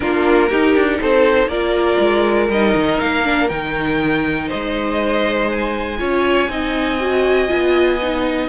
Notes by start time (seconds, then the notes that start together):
0.00 A#3 D4 F4 A#4
0.49 D#4 G4
0.75 D4
1.00 C4 A4 C5
1.47 A#3 F4 A#4 D5
1.99 G#3
2.49 G3 D#4 D#5
2.75 D#3
3.00 A#3 F5
3.24 D4
3.48 D#3 D#4 G5
4.47 C5 D#5
4.53 G#3
5.51 G#5
5.98 C#4 F4 C#5
6.48 C4 D#4 D#5
7.00 F#4
7.47 B3 F4
8.01 D#4